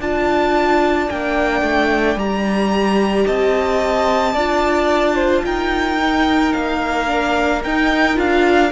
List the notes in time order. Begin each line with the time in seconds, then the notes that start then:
0.00 D4 F4 D5 A5
1.10 A#3 D4 G5
1.62 A3
2.16 G3 G4 A#5
3.26 C4 D#5 A5
4.34 D4 F4 D5
5.15 C5
5.45 D#4 A#4 G5
5.99 D#4
6.53 A#3 F5
7.07 D4
7.64 D#4 G5
8.15 D4 F4 F5